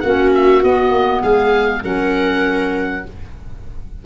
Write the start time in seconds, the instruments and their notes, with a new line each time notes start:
0.00 tuba A#3, clarinet C#4, viola F#4, oboe F#5
0.35 oboe E5
0.62 clarinet B3, tuba B3, oboe D#5
0.91 tuba A#3
1.22 tuba G#3, viola G#4, oboe F5
1.83 tuba F#3, clarinet C#4, viola A#4, oboe F#5